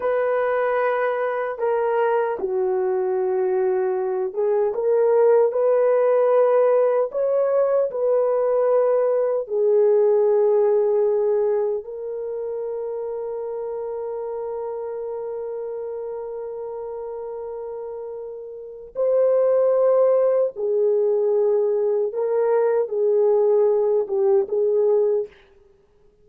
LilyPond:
\new Staff \with { instrumentName = "horn" } { \time 4/4 \tempo 4 = 76 b'2 ais'4 fis'4~ | fis'4. gis'8 ais'4 b'4~ | b'4 cis''4 b'2 | gis'2. ais'4~ |
ais'1~ | ais'1 | c''2 gis'2 | ais'4 gis'4. g'8 gis'4 | }